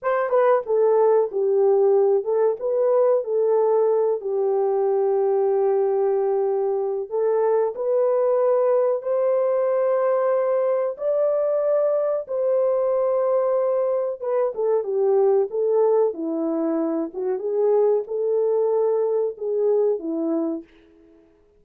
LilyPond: \new Staff \with { instrumentName = "horn" } { \time 4/4 \tempo 4 = 93 c''8 b'8 a'4 g'4. a'8 | b'4 a'4. g'4.~ | g'2. a'4 | b'2 c''2~ |
c''4 d''2 c''4~ | c''2 b'8 a'8 g'4 | a'4 e'4. fis'8 gis'4 | a'2 gis'4 e'4 | }